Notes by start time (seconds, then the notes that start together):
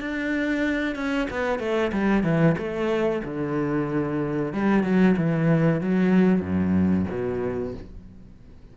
0.00 D4
0.95 C#4
1.30 B3
1.59 A3
1.92 G3
2.23 E3
2.57 A3
3.24 D3
4.53 G3
4.83 F#3
5.17 E3
5.81 F#3
6.41 F#2
7.09 B2